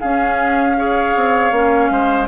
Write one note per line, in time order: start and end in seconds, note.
0.00 0.77 C#4
0.00 1.16 C#4
0.00 0.77 G#4
0.00 2.28 F5
0.77 1.53 G#4
0.77 1.92 C#5
1.16 1.51 C4
1.51 1.89 A#3
1.51 2.29 C#4
1.90 2.28 G#3
1.90 2.29 C5